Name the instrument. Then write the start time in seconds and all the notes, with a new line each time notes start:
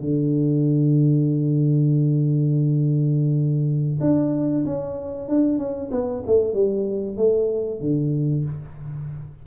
tuba
0.00 D3
4.00 D4
4.65 C#4
5.28 D4
5.58 C#4
5.91 B3
6.26 A3
6.53 G3
7.16 A3
7.80 D3